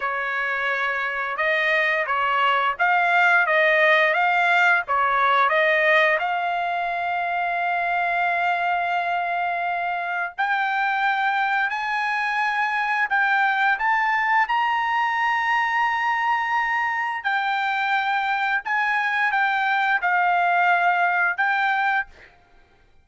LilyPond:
\new Staff \with { instrumentName = "trumpet" } { \time 4/4 \tempo 4 = 87 cis''2 dis''4 cis''4 | f''4 dis''4 f''4 cis''4 | dis''4 f''2.~ | f''2. g''4~ |
g''4 gis''2 g''4 | a''4 ais''2.~ | ais''4 g''2 gis''4 | g''4 f''2 g''4 | }